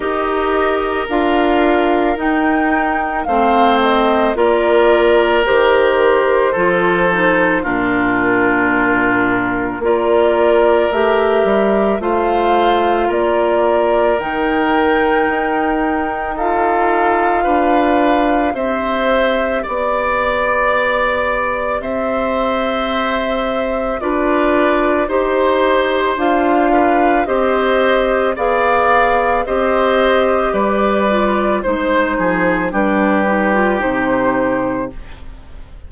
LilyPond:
<<
  \new Staff \with { instrumentName = "flute" } { \time 4/4 \tempo 4 = 55 dis''4 f''4 g''4 f''8 dis''8 | d''4 c''2 ais'4~ | ais'4 d''4 e''4 f''4 | d''4 g''2 f''4~ |
f''4 e''4 d''2 | e''2 d''4 c''4 | f''4 dis''4 f''4 dis''4 | d''4 c''4 b'4 c''4 | }
  \new Staff \with { instrumentName = "oboe" } { \time 4/4 ais'2. c''4 | ais'2 a'4 f'4~ | f'4 ais'2 c''4 | ais'2. a'4 |
b'4 c''4 d''2 | c''2 b'4 c''4~ | c''8 b'8 c''4 d''4 c''4 | b'4 c''8 gis'8 g'2 | }
  \new Staff \with { instrumentName = "clarinet" } { \time 4/4 g'4 f'4 dis'4 c'4 | f'4 g'4 f'8 dis'8 d'4~ | d'4 f'4 g'4 f'4~ | f'4 dis'2 f'4~ |
f'4 g'2.~ | g'2 f'4 g'4 | f'4 g'4 gis'4 g'4~ | g'8 f'8 dis'4 d'8 dis'16 f'16 dis'4 | }
  \new Staff \with { instrumentName = "bassoon" } { \time 4/4 dis'4 d'4 dis'4 a4 | ais4 dis4 f4 ais,4~ | ais,4 ais4 a8 g8 a4 | ais4 dis4 dis'2 |
d'4 c'4 b2 | c'2 d'4 dis'4 | d'4 c'4 b4 c'4 | g4 gis8 f8 g4 c4 | }
>>